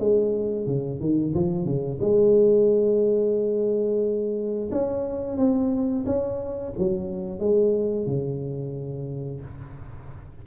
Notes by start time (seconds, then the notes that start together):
0.00 G#3
0.67 C#3
1.00 D#3
1.35 F3
1.65 C#3
2.01 G#3
4.72 C#4
5.37 C4
6.06 C#4
6.78 F#3
7.40 G#3
8.07 C#3